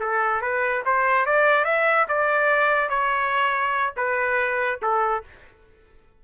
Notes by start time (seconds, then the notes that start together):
0.00 A4
0.41 B4
0.85 C5
1.26 D5
1.65 E5
2.08 D5
2.90 C#5
3.97 B4
4.82 A4